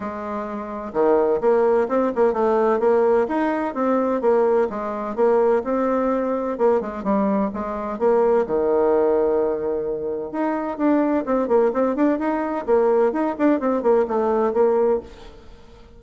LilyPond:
\new Staff \with { instrumentName = "bassoon" } { \time 4/4 \tempo 4 = 128 gis2 dis4 ais4 | c'8 ais8 a4 ais4 dis'4 | c'4 ais4 gis4 ais4 | c'2 ais8 gis8 g4 |
gis4 ais4 dis2~ | dis2 dis'4 d'4 | c'8 ais8 c'8 d'8 dis'4 ais4 | dis'8 d'8 c'8 ais8 a4 ais4 | }